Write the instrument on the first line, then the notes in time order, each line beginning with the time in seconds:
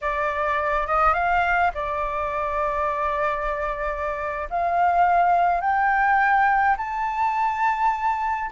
flute
0.01 D5
0.87 D#5
1.13 F5
1.74 D5
4.50 F5
5.61 G5
6.77 A5